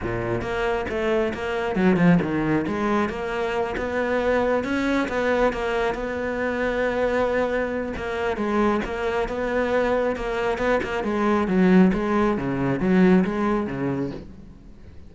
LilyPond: \new Staff \with { instrumentName = "cello" } { \time 4/4 \tempo 4 = 136 ais,4 ais4 a4 ais4 | fis8 f8 dis4 gis4 ais4~ | ais8 b2 cis'4 b8~ | b8 ais4 b2~ b8~ |
b2 ais4 gis4 | ais4 b2 ais4 | b8 ais8 gis4 fis4 gis4 | cis4 fis4 gis4 cis4 | }